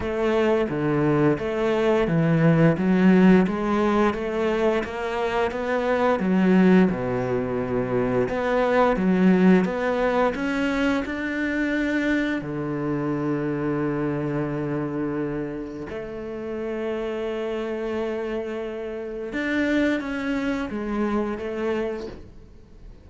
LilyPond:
\new Staff \with { instrumentName = "cello" } { \time 4/4 \tempo 4 = 87 a4 d4 a4 e4 | fis4 gis4 a4 ais4 | b4 fis4 b,2 | b4 fis4 b4 cis'4 |
d'2 d2~ | d2. a4~ | a1 | d'4 cis'4 gis4 a4 | }